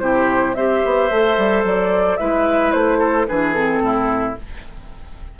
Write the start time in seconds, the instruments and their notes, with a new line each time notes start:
0.00 bassoon C3, clarinet E4, oboe G4, flute C5
0.55 bassoon C4, clarinet G4, oboe C5, flute E5
0.85 bassoon B3
1.10 bassoon A3, clarinet A4
1.37 bassoon G3
1.64 bassoon F#3, flute D5
2.17 bassoon G#3, clarinet E4, oboe B4, flute E5
2.72 bassoon A3, flute C5
2.99 oboe A4
3.28 bassoon E3, clarinet D4, oboe G#4, flute B4
3.53 clarinet C4, flute A4
3.80 bassoon A2, oboe E4